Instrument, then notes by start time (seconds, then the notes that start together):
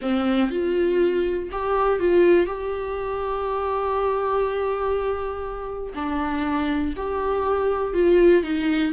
viola
0.01 C4
0.50 F4
1.51 G4
1.99 F4
2.46 G4
5.95 D4
6.96 G4
7.93 F4
8.43 D#4